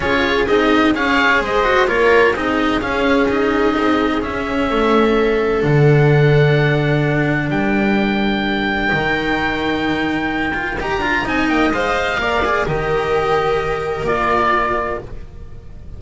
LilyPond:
<<
  \new Staff \with { instrumentName = "oboe" } { \time 4/4 \tempo 4 = 128 cis''4 dis''4 f''4 dis''4 | cis''4 dis''4 f''4 dis''4~ | dis''4 e''2. | fis''1 |
g''1~ | g''2. ais''4 | gis''8 g''8 f''2 dis''4~ | dis''2 d''2 | }
  \new Staff \with { instrumentName = "viola" } { \time 4/4 gis'2 cis''4 c''4 | ais'4 gis'2.~ | gis'2 a'2~ | a'1 |
ais'1~ | ais'1 | dis''2 d''4 ais'4~ | ais'1 | }
  \new Staff \with { instrumentName = "cello" } { \time 4/4 f'4 dis'4 gis'4. fis'8 | f'4 dis'4 cis'4 dis'4~ | dis'4 cis'2. | d'1~ |
d'2. dis'4~ | dis'2~ dis'8 f'8 g'8 f'8 | dis'4 c''4 ais'8 gis'8 g'4~ | g'2 f'2 | }
  \new Staff \with { instrumentName = "double bass" } { \time 4/4 cis'4 c'4 cis'4 gis4 | ais4 c'4 cis'2 | c'4 cis'4 a2 | d1 |
g2. dis4~ | dis2. dis'8 d'8 | c'8 ais8 gis4 ais4 dis4~ | dis2 ais2 | }
>>